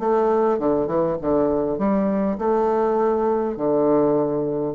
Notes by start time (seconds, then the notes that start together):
0.00 A3
0.59 D3
0.87 E3
1.22 D3
1.79 G3
2.39 A3
3.57 D3